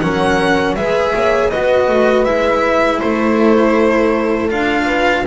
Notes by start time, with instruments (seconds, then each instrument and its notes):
0.00 double bass F#3, cello C#4, horn A#4, violin F#5
0.75 double bass G#3, cello G#4, horn B4, violin E5
1.15 double bass A#3, horn C#5
1.50 double bass B3, cello F#4, horn B4, violin D#5
1.88 double bass A3
2.25 double bass G#3, cello E4, violin E5
3.00 double bass A3, horn A4, violin C5
4.49 double bass D4, cello F4, violin F5
4.85 horn B4